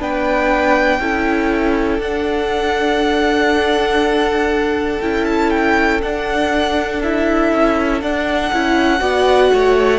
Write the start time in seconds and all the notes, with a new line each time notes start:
0.00 B3 D4 B4 G5
1.00 C#4 E4 A4
1.99 D4 F#5
5.01 C#4 E4 G5
5.25 A5
5.51 G5
6.02 D4 F#5
7.03 E4 E5
7.52 C#4
8.02 D4 F#5
8.53 C#4 E4
8.99 B3 F#4 D5
9.54 A3 C#5